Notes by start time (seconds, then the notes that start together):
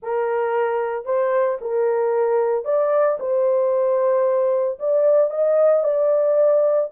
0.02 A#4
1.05 C5
1.61 A#4
2.65 D5
3.19 C5
4.79 D5
5.30 D#5
5.83 D5